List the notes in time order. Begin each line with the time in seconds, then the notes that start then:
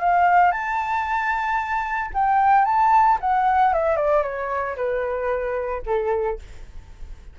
0.00 F5
0.52 A5
2.14 G5
2.65 A5
3.21 F#5
3.74 E5
3.96 D5
4.23 C#5
4.76 B4
5.86 A4